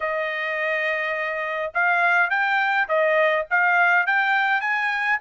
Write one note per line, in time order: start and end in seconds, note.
0.00 1.72 D#5
1.74 2.29 F5
2.29 2.87 G5
2.88 3.46 D#5
3.50 4.06 F5
4.06 4.60 G5
4.60 5.18 G#5